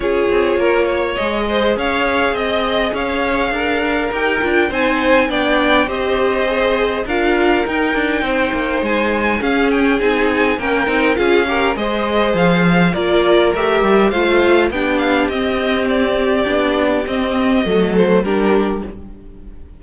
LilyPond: <<
  \new Staff \with { instrumentName = "violin" } { \time 4/4 \tempo 4 = 102 cis''2 dis''4 f''4 | dis''4 f''2 g''4 | gis''4 g''4 dis''2 | f''4 g''2 gis''4 |
f''8 g''8 gis''4 g''4 f''4 | dis''4 f''4 d''4 e''4 | f''4 g''8 f''8 dis''4 d''4~ | d''4 dis''4. c''8 ais'4 | }
  \new Staff \with { instrumentName = "violin" } { \time 4/4 gis'4 ais'8 cis''4 c''8 cis''4 | dis''4 cis''4 ais'2 | c''4 d''4 c''2 | ais'2 c''2 |
gis'2 ais'4 gis'8 ais'8 | c''2 ais'2 | c''4 g'2.~ | g'2 a'4 g'4 | }
  \new Staff \with { instrumentName = "viola" } { \time 4/4 f'2 gis'2~ | gis'2. g'8 f'8 | dis'4 d'4 g'4 gis'4 | f'4 dis'2. |
cis'4 dis'4 cis'8 dis'8 f'8 g'8 | gis'2 f'4 g'4 | f'4 d'4 c'2 | d'4 c'4 a4 d'4 | }
  \new Staff \with { instrumentName = "cello" } { \time 4/4 cis'8 c'8 ais4 gis4 cis'4 | c'4 cis'4 d'4 dis'8 d'8 | c'4 b4 c'2 | d'4 dis'8 d'8 c'8 ais8 gis4 |
cis'4 c'4 ais8 c'8 cis'4 | gis4 f4 ais4 a8 g8 | a4 b4 c'2 | b4 c'4 fis4 g4 | }
>>